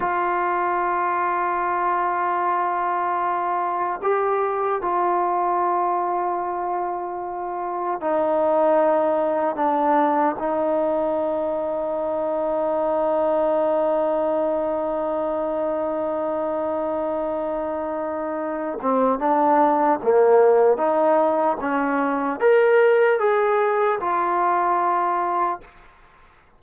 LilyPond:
\new Staff \with { instrumentName = "trombone" } { \time 4/4 \tempo 4 = 75 f'1~ | f'4 g'4 f'2~ | f'2 dis'2 | d'4 dis'2.~ |
dis'1~ | dis'2.~ dis'8 c'8 | d'4 ais4 dis'4 cis'4 | ais'4 gis'4 f'2 | }